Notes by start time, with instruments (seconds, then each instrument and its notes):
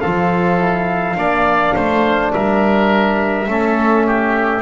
0.00 double bass F3, trombone F4, oboe A4, trumpet F5
0.58 trombone E4
1.15 double bass A#3, trombone D4, oboe D5
1.74 double bass A3, oboe C5
2.33 double bass G3, oboe A#4, trumpet E5
3.47 double bass A3, trombone C#4, oboe A4
4.06 oboe G4